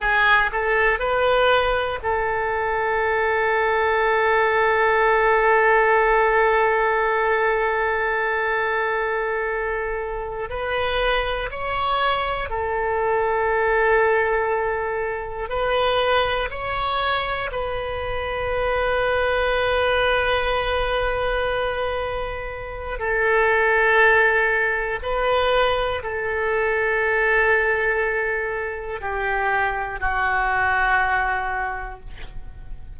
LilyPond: \new Staff \with { instrumentName = "oboe" } { \time 4/4 \tempo 4 = 60 gis'8 a'8 b'4 a'2~ | a'1~ | a'2~ a'8 b'4 cis''8~ | cis''8 a'2. b'8~ |
b'8 cis''4 b'2~ b'8~ | b'2. a'4~ | a'4 b'4 a'2~ | a'4 g'4 fis'2 | }